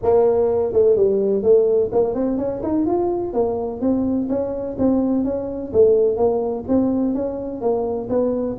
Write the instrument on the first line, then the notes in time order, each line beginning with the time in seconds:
tuba
0.02 A#3
0.73 A3
0.96 G3
1.42 A3
1.92 A#3
2.14 C4
2.37 C#4
2.63 D#4
2.86 F4
3.33 A#3
3.81 C4
4.29 C#4
4.78 C4
5.24 C#4
5.72 A3
6.16 A#3
6.68 C4
7.14 C#4
7.61 A#3
8.09 B3